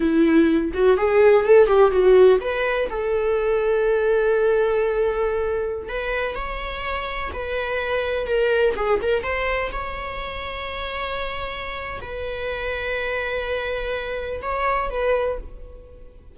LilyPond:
\new Staff \with { instrumentName = "viola" } { \time 4/4 \tempo 4 = 125 e'4. fis'8 gis'4 a'8 g'8 | fis'4 b'4 a'2~ | a'1~ | a'16 b'4 cis''2 b'8.~ |
b'4~ b'16 ais'4 gis'8 ais'8 c''8.~ | c''16 cis''2.~ cis''8.~ | cis''4 b'2.~ | b'2 cis''4 b'4 | }